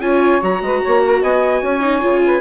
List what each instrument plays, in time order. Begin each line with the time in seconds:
0.00 bassoon C#4, viola F4, saxophone C#5, trumpet G#5
0.41 bassoon F#3, viola F#4, trumpet A#5
0.62 bassoon G#3, saxophone B4
0.82 bassoon A#3, saxophone C#5
1.04 saxophone A#4
1.22 bassoon B3, saxophone D#5, trumpet G#5
1.62 bassoon C#4, saxophone C#5
1.81 viola D#4
2.02 bassoon C#3, viola F4
2.26 saxophone B4